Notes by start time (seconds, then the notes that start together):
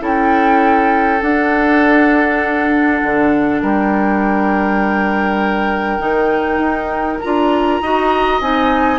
0.00 C#4 E4 A4 G5
1.22 D4 F#5
3.02 D3
3.62 G3 A#4 G5
5.99 D#3 D#4
6.58 D#4
7.20 D4 F4 A#5
7.81 D#4 F#4 D#5
8.41 C4 D#4 G#5